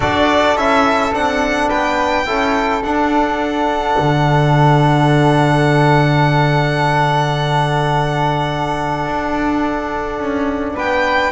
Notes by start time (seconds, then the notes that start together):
0.00 D4 F#4 A4 D5
0.55 C#4 E4 E5
1.12 C4 D4 F#5
1.68 B3 B4 G5
2.25 C#4 E4 A4
2.83 D4 F#5
3.98 D3
9.06 D4
10.18 C#4
10.74 B3 B4 G5